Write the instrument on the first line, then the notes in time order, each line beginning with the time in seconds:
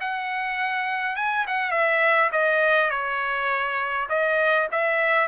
trumpet
0.00 F#5
1.16 G#5
1.47 F#5
1.71 E5
2.32 D#5
2.90 C#5
4.09 D#5
4.71 E5